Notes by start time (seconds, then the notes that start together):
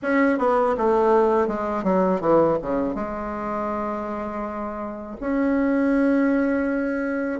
0.02 C#4
0.38 B3
0.77 A3
1.47 G#3
1.83 F#3
2.21 E3
2.62 C#3
2.94 G#3
5.20 C#4